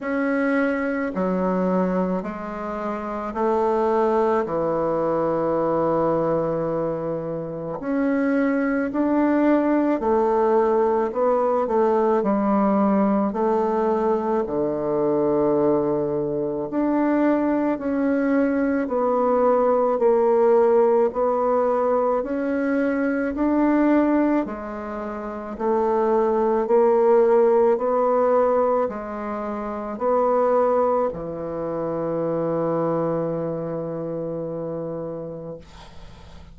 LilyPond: \new Staff \with { instrumentName = "bassoon" } { \time 4/4 \tempo 4 = 54 cis'4 fis4 gis4 a4 | e2. cis'4 | d'4 a4 b8 a8 g4 | a4 d2 d'4 |
cis'4 b4 ais4 b4 | cis'4 d'4 gis4 a4 | ais4 b4 gis4 b4 | e1 | }